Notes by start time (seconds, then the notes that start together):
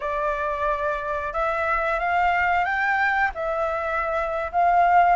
0.00 D5
1.33 E5
1.99 F5
2.64 G5
3.34 E5
4.52 F5